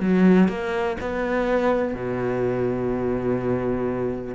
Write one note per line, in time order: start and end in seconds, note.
0.00 0.48 F#3
0.48 0.97 A#3
1.00 1.94 B3
1.94 4.35 B2